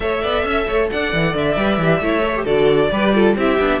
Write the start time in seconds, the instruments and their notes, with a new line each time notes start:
0.00 cello A3, viola A4, violin C#5 E5
0.23 cello B3, violin D5
0.44 cello C#4, violin E5
0.67 cello A3, violin C#5
0.90 cello D4, violin D5 F#5
1.12 cello E3
1.34 cello D3, violin E5
1.56 cello G3, viola B4
1.77 cello E3, viola G4
2.00 cello A3, viola E4, violin C#5
2.22 viola A4
2.36 viola G4
2.44 cello D3, viola F#4, violin A4 D5
2.91 cello G3, viola G4, violin B4
3.13 viola F4, violin A4
3.36 cello C4, viola E4, violin G4 E5
3.59 cello B3, viola D4